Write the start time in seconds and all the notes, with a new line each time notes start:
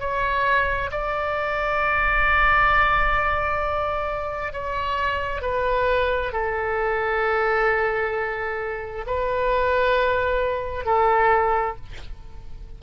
0.00 C#5
0.91 D5
4.53 C#5
5.42 B4
6.33 A4
9.07 B4
10.86 A4